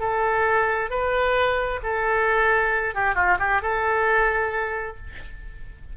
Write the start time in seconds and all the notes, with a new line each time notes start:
0.00 A4
0.90 B4
1.83 A4
2.95 G4
3.15 F4
3.39 G4
3.62 A4